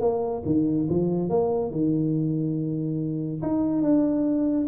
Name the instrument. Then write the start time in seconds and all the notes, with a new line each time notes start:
tuba
0.00 A#3
0.45 D#3
0.89 F3
1.29 A#3
1.71 D#3
3.42 D#4
3.82 D4